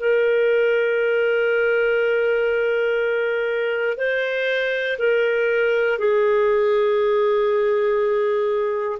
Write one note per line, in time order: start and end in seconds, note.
0.00 3.98 A#4
3.98 4.98 C5
4.99 5.99 A#4
5.99 8.99 G#4